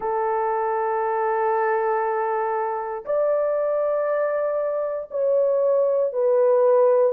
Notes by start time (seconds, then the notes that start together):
0.00 A4
3.05 D5
5.11 C#5
6.12 B4